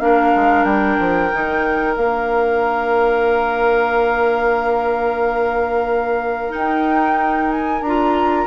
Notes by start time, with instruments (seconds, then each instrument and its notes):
0.00 bassoon A#3, clarinet D4, oboe A#4, flute F5
0.35 bassoon G#3
0.64 bassoon G3, flute G5
0.99 bassoon F3
1.32 bassoon D#3, clarinet D#4
1.96 bassoon A#3, clarinet D4, flute F5
6.49 clarinet D#4, flute G5
6.56 bassoon D#4
7.51 flute G#5
7.81 bassoon D4, clarinet F4, flute A#5